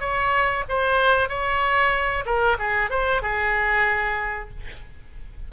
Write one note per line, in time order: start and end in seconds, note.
0.00 0.64 C#5
0.68 1.29 C5
1.29 2.24 C#5
2.25 2.57 A#4
2.59 2.90 G#4
2.90 3.22 C5
3.22 4.50 G#4